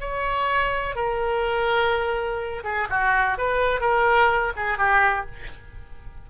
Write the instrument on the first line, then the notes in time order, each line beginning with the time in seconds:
oboe
0.00 C#5
0.95 A#4
2.64 G#4
2.90 F#4
3.38 B4
3.81 A#4
4.56 G#4
4.77 G4